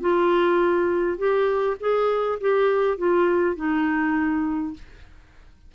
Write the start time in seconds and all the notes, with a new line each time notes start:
0.00 F4
1.18 G4
1.80 G#4
2.40 G4
2.97 F4
3.56 D#4